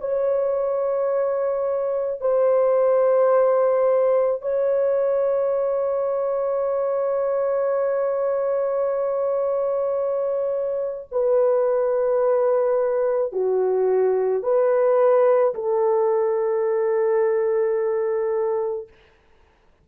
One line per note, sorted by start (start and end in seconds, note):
0.00 2.21 C#5
2.21 4.41 C5
4.41 11.08 C#5
11.11 13.32 B4
13.32 14.43 F#4
14.43 15.54 B4
15.55 18.88 A4